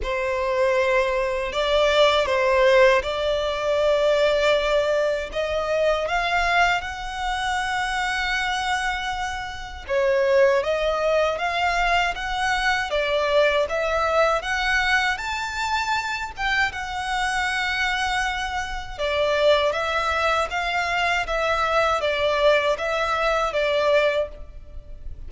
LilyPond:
\new Staff \with { instrumentName = "violin" } { \time 4/4 \tempo 4 = 79 c''2 d''4 c''4 | d''2. dis''4 | f''4 fis''2.~ | fis''4 cis''4 dis''4 f''4 |
fis''4 d''4 e''4 fis''4 | a''4. g''8 fis''2~ | fis''4 d''4 e''4 f''4 | e''4 d''4 e''4 d''4 | }